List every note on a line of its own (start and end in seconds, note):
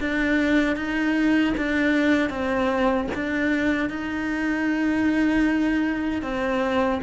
0.00 0.76 D4
0.76 1.54 D#4
1.57 2.30 D4
2.30 3.07 C4
3.15 3.90 D4
3.90 6.22 D#4
6.22 7.00 C4